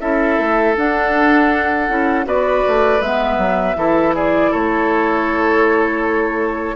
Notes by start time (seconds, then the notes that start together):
0.00 C#4 E4 A4 E5
0.38 A3
0.77 D4 F#5
1.89 C#4 E4
2.25 B3 F#4 B4 D5
2.68 A3
3.01 G#3 B3 E5
3.38 F#3
3.76 E3 E4 A4
4.15 G#4 D5
4.51 A3 A4 C#5